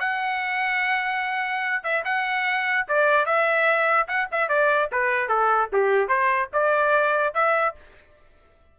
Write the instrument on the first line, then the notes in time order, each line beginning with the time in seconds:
trumpet
0.00 F#5
1.83 E5
2.05 F#5
2.88 D5
3.26 E5
4.08 F#5
4.32 E5
4.49 D5
4.92 B4
5.29 A4
5.73 G4
6.09 C5
6.53 D5
7.34 E5